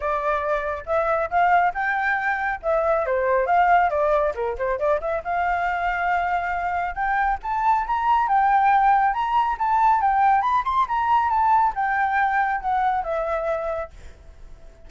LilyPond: \new Staff \with { instrumentName = "flute" } { \time 4/4 \tempo 4 = 138 d''2 e''4 f''4 | g''2 e''4 c''4 | f''4 d''4 ais'8 c''8 d''8 e''8 | f''1 |
g''4 a''4 ais''4 g''4~ | g''4 ais''4 a''4 g''4 | b''8 c'''8 ais''4 a''4 g''4~ | g''4 fis''4 e''2 | }